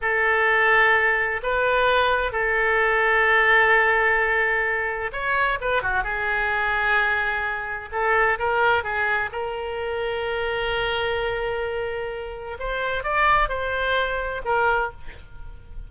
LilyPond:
\new Staff \with { instrumentName = "oboe" } { \time 4/4 \tempo 4 = 129 a'2. b'4~ | b'4 a'2.~ | a'2. cis''4 | b'8 fis'8 gis'2.~ |
gis'4 a'4 ais'4 gis'4 | ais'1~ | ais'2. c''4 | d''4 c''2 ais'4 | }